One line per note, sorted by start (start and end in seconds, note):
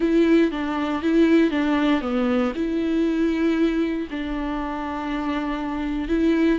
0.00 0.51 E4
0.51 1.02 D4
1.02 1.50 E4
1.50 2.01 D4
2.01 2.52 B3
2.55 4.07 E4
4.10 6.08 D4
6.08 6.59 E4